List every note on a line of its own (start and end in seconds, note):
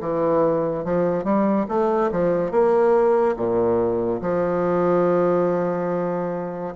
0.00 0.84 E3
0.84 1.24 F3
1.24 1.66 G3
1.68 2.10 A3
2.12 2.51 F3
2.51 3.36 A#3
3.36 4.21 A#2
4.21 6.75 F3